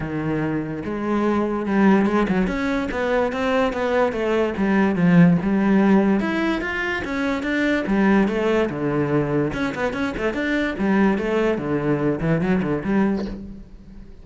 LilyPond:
\new Staff \with { instrumentName = "cello" } { \time 4/4 \tempo 4 = 145 dis2 gis2 | g4 gis8 fis8 cis'4 b4 | c'4 b4 a4 g4 | f4 g2 e'4 |
f'4 cis'4 d'4 g4 | a4 d2 cis'8 b8 | cis'8 a8 d'4 g4 a4 | d4. e8 fis8 d8 g4 | }